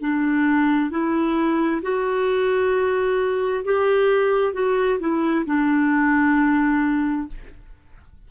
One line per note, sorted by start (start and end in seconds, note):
0.00 0.90 D4
0.90 1.81 E4
1.82 3.64 F#4
3.64 4.53 G4
4.53 4.99 F#4
4.99 5.45 E4
5.45 7.27 D4